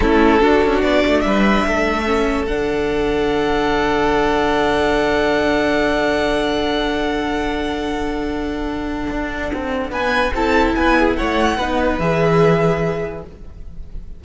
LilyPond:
<<
  \new Staff \with { instrumentName = "violin" } { \time 4/4 \tempo 4 = 145 a'2 d''4 e''4~ | e''2 fis''2~ | fis''1~ | fis''1~ |
fis''1~ | fis''1 | gis''4 a''4 gis''4 fis''4~ | fis''4 e''2. | }
  \new Staff \with { instrumentName = "violin" } { \time 4/4 e'4 fis'2 b'4 | a'1~ | a'1~ | a'1~ |
a'1~ | a'1 | b'4 a'4 b'8 gis'8 cis''4 | b'1 | }
  \new Staff \with { instrumentName = "viola" } { \time 4/4 cis'4 d'2.~ | d'4 cis'4 d'2~ | d'1~ | d'1~ |
d'1~ | d'1~ | d'4 e'2. | dis'4 gis'2. | }
  \new Staff \with { instrumentName = "cello" } { \time 4/4 a4 d'8 cis'8 b8 a8 g4 | a2 d2~ | d1~ | d1~ |
d1~ | d2 d'4 c'4 | b4 c'4 b4 a4 | b4 e2. | }
>>